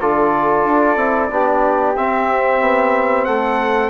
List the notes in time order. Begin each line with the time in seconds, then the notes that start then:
0.00 D3 F4 A4 D5
0.64 D4
0.96 C4 E4
1.30 B3 D4 G4
1.96 C4 E5
2.61 B3
3.25 A3 A4 F#5